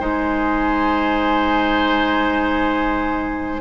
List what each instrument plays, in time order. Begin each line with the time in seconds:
0.00 bassoon G#3, clarinet D#4, oboe C5, flute G#5